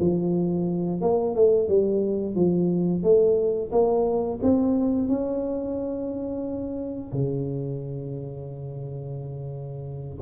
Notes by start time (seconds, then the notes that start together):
0.00 F3
1.01 A#3
1.35 A3
1.68 G3
2.35 F3
3.03 A3
3.71 A#3
4.42 C4
5.08 C#4
7.12 C#3